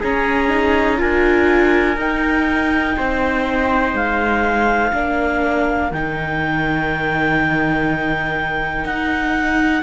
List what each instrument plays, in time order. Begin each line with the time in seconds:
0.00 viola C#4, cello C#4, trumpet G#4, clarinet A#5
0.49 viola D#4
0.97 cello D4, viola F4, trumpet A#4, clarinet G#5
1.96 cello D#4, viola D#4, clarinet G5
2.97 cello C4, trumpet C5
3.93 cello G#3, clarinet F5
4.92 cello A#3, viola D4, trumpet A#4
5.91 cello D#3, viola D#4, clarinet G5
8.84 cello D#4, clarinet F#5